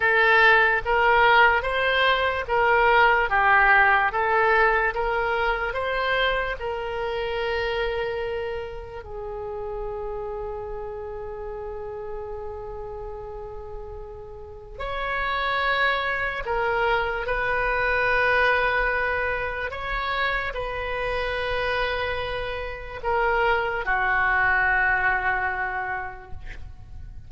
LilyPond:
\new Staff \with { instrumentName = "oboe" } { \time 4/4 \tempo 4 = 73 a'4 ais'4 c''4 ais'4 | g'4 a'4 ais'4 c''4 | ais'2. gis'4~ | gis'1~ |
gis'2 cis''2 | ais'4 b'2. | cis''4 b'2. | ais'4 fis'2. | }